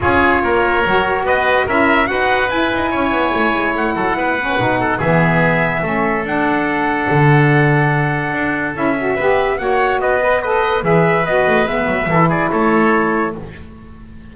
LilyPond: <<
  \new Staff \with { instrumentName = "trumpet" } { \time 4/4 \tempo 4 = 144 cis''2. dis''4 | e''4 fis''4 gis''2~ | gis''4 fis''2. | e''2. fis''4~ |
fis''1~ | fis''4 e''2 fis''4 | dis''4 b'4 e''4 dis''4 | e''4. d''8 cis''2 | }
  \new Staff \with { instrumentName = "oboe" } { \time 4/4 gis'4 ais'2 b'4 | ais'4 b'2 cis''4~ | cis''4. a'8 b'4. a'8 | gis'2 a'2~ |
a'1~ | a'2 b'4 cis''4 | b'4 dis''4 b'2~ | b'4 a'8 gis'8 a'2 | }
  \new Staff \with { instrumentName = "saxophone" } { \time 4/4 f'2 fis'2 | e'4 fis'4 e'2~ | e'2~ e'8 cis'8 dis'4 | b2 cis'4 d'4~ |
d'1~ | d'4 e'8 fis'8 g'4 fis'4~ | fis'8 b'8 a'4 gis'4 fis'4 | b4 e'2. | }
  \new Staff \with { instrumentName = "double bass" } { \time 4/4 cis'4 ais4 fis4 b4 | cis'4 dis'4 e'8 dis'8 cis'8 b8 | a8 gis8 a8 fis8 b4 b,4 | e2 a4 d'4~ |
d'4 d2. | d'4 cis'4 b4 ais4 | b2 e4 b8 a8 | gis8 fis8 e4 a2 | }
>>